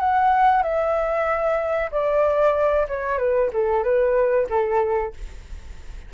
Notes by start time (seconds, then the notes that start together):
0.00 F#5
0.63 E5
1.91 D5
2.88 C#5
3.18 B4
3.53 A4
3.84 B4
4.50 A4